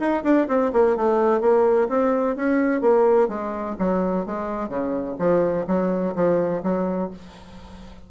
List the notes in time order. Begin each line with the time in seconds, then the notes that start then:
0.00 D#4
0.24 D4
0.49 C4
0.73 A#3
0.97 A3
1.41 A#3
1.89 C4
2.36 C#4
2.82 A#3
3.29 G#3
3.79 F#3
4.26 G#3
4.69 C#3
5.19 F3
5.68 F#3
6.16 F3
6.64 F#3